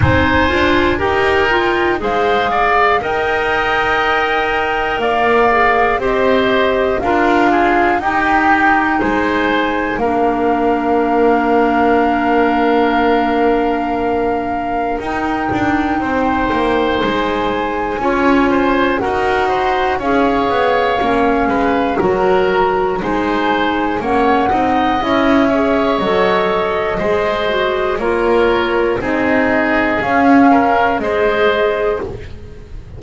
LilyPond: <<
  \new Staff \with { instrumentName = "flute" } { \time 4/4 \tempo 4 = 60 gis''4 g''4 f''4 g''4~ | g''4 f''4 dis''4 f''4 | g''4 gis''4 f''2~ | f''2. g''4~ |
g''4 gis''2 fis''4 | f''2 ais''4 gis''4 | fis''4 e''4 dis''2 | cis''4 dis''4 f''4 dis''4 | }
  \new Staff \with { instrumentName = "oboe" } { \time 4/4 c''4 ais'4 c''8 d''8 dis''4~ | dis''4 d''4 c''4 ais'8 gis'8 | g'4 c''4 ais'2~ | ais'1 |
c''2 cis''8 c''8 ais'8 c''8 | cis''4. b'8 ais'4 c''4 | cis''8 dis''4 cis''4. c''4 | ais'4 gis'4. ais'8 c''4 | }
  \new Staff \with { instrumentName = "clarinet" } { \time 4/4 dis'8 f'8 g'8 f'8 gis'4 ais'4~ | ais'4. gis'8 g'4 f'4 | dis'2 d'2~ | d'2. dis'4~ |
dis'2 f'4 fis'4 | gis'4 cis'4 fis'4 dis'4 | cis'8 dis'8 e'8 gis'8 a'4 gis'8 fis'8 | f'4 dis'4 cis'4 gis'4 | }
  \new Staff \with { instrumentName = "double bass" } { \time 4/4 c'8 d'8 dis'4 gis4 dis'4~ | dis'4 ais4 c'4 d'4 | dis'4 gis4 ais2~ | ais2. dis'8 d'8 |
c'8 ais8 gis4 cis'4 dis'4 | cis'8 b8 ais8 gis8 fis4 gis4 | ais8 c'8 cis'4 fis4 gis4 | ais4 c'4 cis'4 gis4 | }
>>